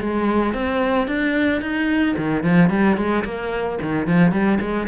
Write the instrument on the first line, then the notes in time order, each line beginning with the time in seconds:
cello
0.00 G#3
0.54 C4
1.07 D4
1.61 D#4
2.17 D#3
2.43 F3
2.70 G3
2.97 G#3
3.24 A#3
3.82 D#3
4.07 F3
4.32 G3
4.60 G#3